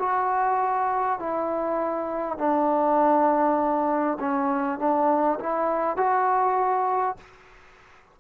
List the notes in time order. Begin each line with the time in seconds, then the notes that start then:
0.00 F#4
1.19 E4
2.39 D4
4.20 C#4
4.79 D4
5.40 E4
5.97 F#4